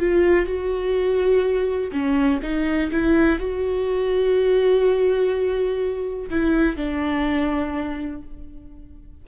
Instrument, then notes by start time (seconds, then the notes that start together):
viola
0.00 F4
0.47 F#4
1.92 C#4
2.43 D#4
2.92 E4
3.40 F#4
6.30 E4
6.77 D4